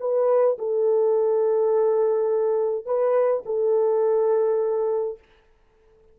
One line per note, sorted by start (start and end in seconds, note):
0.00 0.58 B4
0.58 2.86 A4
2.86 3.44 B4
3.46 5.19 A4